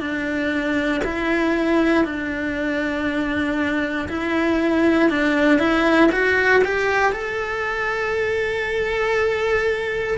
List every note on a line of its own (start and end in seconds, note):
0.00 1.02 D4
1.04 2.05 E4
2.05 4.08 D4
4.09 5.10 E4
5.10 5.59 D4
5.59 6.10 E4
6.12 6.63 F#4
6.64 7.13 G4
7.13 10.18 A4